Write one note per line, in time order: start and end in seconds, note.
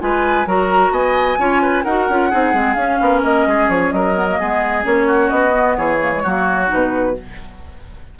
0.00 0.46 G#3
0.00 0.46 F4
0.00 0.48 B4
0.00 0.48 G#5
0.46 0.91 F#3
0.46 1.38 F#4
0.46 0.93 A#4
0.46 0.94 A#5
0.91 1.37 B3
0.91 1.39 D#5
0.91 1.84 G#5
1.39 1.85 C#4
1.39 1.85 F4
1.39 1.62 C#5
1.62 1.84 B4
1.84 2.09 D#4
1.84 2.11 F#4
1.84 2.30 A#4
1.84 2.74 F#5
2.10 2.33 C#4
2.10 2.32 F4
2.30 2.54 C4
2.30 2.54 D#4
2.30 2.99 G#4
2.54 2.76 G#3
2.54 2.77 C4
2.74 2.99 C#4
2.74 4.15 C#4
2.74 3.20 F5
3.01 3.23 B3
3.01 3.49 A#4
3.23 3.46 A#3
3.23 3.70 D#5
3.47 3.69 G#3
3.47 3.95 G#4
3.69 3.92 F3
3.69 3.92 C#5
3.92 4.39 F#3
3.92 4.40 A#4
3.92 4.84 D#5
4.15 4.27 B3
4.30 4.41 A#3
4.40 4.85 G#3
4.40 4.83 B3
4.40 5.07 G#4
4.83 5.31 A#3
4.83 5.52 C#4
4.83 5.30 C#5
5.07 5.77 F#4
5.30 5.77 B3
5.30 5.76 D#5
5.52 5.99 B3
5.77 6.24 E3
5.77 6.23 G#4
5.77 6.70 C#5
6.02 6.13 A#3
6.13 6.25 G#3
6.23 6.71 F#3
6.23 6.67 A#3
6.23 7.16 F#4
6.67 7.13 D#4
6.67 7.19 B4
6.74 7.20 B2